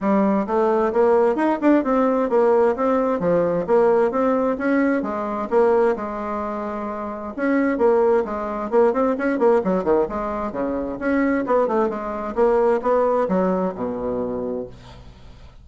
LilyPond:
\new Staff \with { instrumentName = "bassoon" } { \time 4/4 \tempo 4 = 131 g4 a4 ais4 dis'8 d'8 | c'4 ais4 c'4 f4 | ais4 c'4 cis'4 gis4 | ais4 gis2. |
cis'4 ais4 gis4 ais8 c'8 | cis'8 ais8 fis8 dis8 gis4 cis4 | cis'4 b8 a8 gis4 ais4 | b4 fis4 b,2 | }